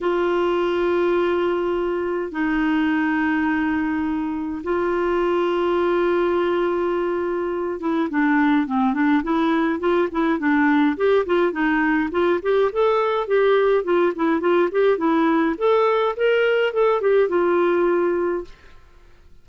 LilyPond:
\new Staff \with { instrumentName = "clarinet" } { \time 4/4 \tempo 4 = 104 f'1 | dis'1 | f'1~ | f'4. e'8 d'4 c'8 d'8 |
e'4 f'8 e'8 d'4 g'8 f'8 | dis'4 f'8 g'8 a'4 g'4 | f'8 e'8 f'8 g'8 e'4 a'4 | ais'4 a'8 g'8 f'2 | }